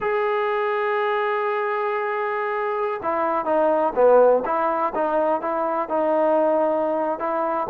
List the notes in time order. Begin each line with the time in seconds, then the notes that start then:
0.00 G#4
3.02 E4
3.45 D#4
3.95 B3
4.45 E4
4.95 D#4
5.41 E4
5.88 D#4
7.19 E4